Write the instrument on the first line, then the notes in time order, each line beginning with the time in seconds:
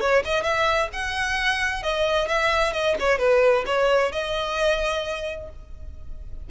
violin
0.00 C#5
0.24 D#5
0.43 E5
0.93 F#5
1.83 D#5
2.28 E5
2.72 D#5
2.99 C#5
3.18 B4
3.66 C#5
4.11 D#5